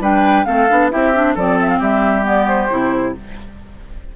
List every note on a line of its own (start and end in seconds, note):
0.00 0.45 G3
0.00 0.46 D4
0.00 0.46 B4
0.00 0.45 G5
0.45 0.71 A3
0.45 0.68 C4
0.45 0.92 A4
0.45 0.90 F5
0.70 0.93 B3
0.70 0.91 D4
0.91 1.36 C4
0.91 1.13 E4
0.91 1.35 G4
0.91 1.36 E5
1.15 1.37 D4
1.35 1.81 F3
1.35 2.23 C4
1.35 1.79 A4
1.35 1.59 D5
1.61 1.69 E5
1.69 1.80 F5
1.79 2.70 G3
1.79 3.13 G4
1.79 2.26 E5
2.23 2.68 B3
2.23 2.48 D5
2.48 3.15 C5
2.71 3.16 C3
2.71 3.15 E4